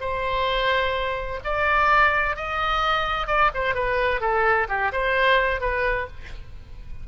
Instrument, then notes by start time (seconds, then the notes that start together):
oboe
0.00 C5
1.44 D5
2.36 D#5
3.27 D5
3.54 C5
3.75 B4
4.21 A4
4.68 G4
4.92 C5
5.60 B4